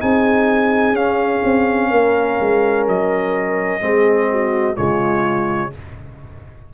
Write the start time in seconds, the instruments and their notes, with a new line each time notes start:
0.00 tuba C4, trombone D#4, horn G#4, trumpet G#5
0.92 tuba C#4, trombone C#4, trumpet F5
1.44 tuba C4
1.90 tuba A#3, horn A#4
2.40 tuba G#3
2.88 tuba F#3, trumpet D#5
3.81 tuba G#3, trombone C4, horn G#4
4.31 horn F#4
4.76 tuba C#3, trombone G#3, horn F4, trumpet C#5